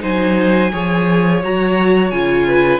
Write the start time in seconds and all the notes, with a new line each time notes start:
0.00 F#3 D#4 C5 G#5
0.73 F3 G#4 C#5
1.43 F#3 F#4 A#5
2.11 C#3 F4 G#5
2.48 B4